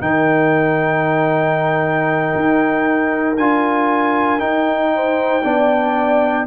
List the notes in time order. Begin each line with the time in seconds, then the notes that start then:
0.00 D#3 D#4 A#4 G5
2.35 D#4
3.36 D4 F4 G#5
4.39 D#4 G5
4.95 C5
5.44 B3 D4 D5